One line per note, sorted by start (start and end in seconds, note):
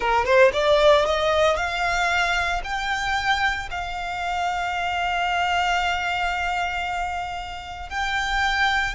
0.00 0.25 A#4
0.25 0.51 C5
0.53 1.05 D5
1.05 1.56 D#5
1.56 2.61 F5
2.63 3.69 G5
3.70 7.89 F5
7.89 8.94 G5